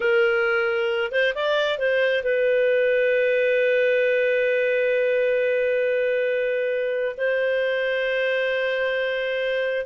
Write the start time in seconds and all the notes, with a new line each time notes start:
0.00 A#4
1.11 C5
1.35 D5
1.78 C5
2.23 B4
7.17 C5